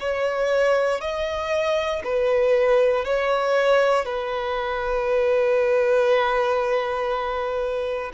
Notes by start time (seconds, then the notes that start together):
0.00 C#5
1.01 D#5
2.04 B4
3.05 C#5
4.05 B4